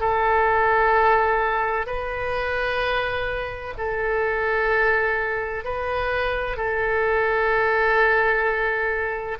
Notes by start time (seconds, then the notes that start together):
0.00 A4
1.86 B4
3.78 A4
5.65 B4
6.57 A4